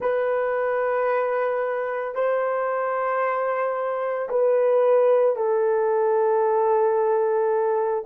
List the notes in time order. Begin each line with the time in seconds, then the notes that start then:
0.00 B4
2.14 C5
4.29 B4
5.36 A4